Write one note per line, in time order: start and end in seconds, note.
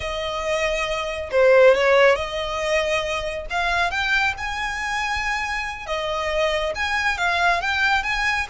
0.00 1.29 D#5
1.31 1.74 C5
1.74 2.15 C#5
2.15 3.46 D#5
3.49 3.90 F5
3.90 4.34 G5
4.37 5.86 G#5
5.86 6.73 D#5
6.75 7.17 G#5
7.17 7.61 F5
7.61 8.03 G5
8.03 8.46 G#5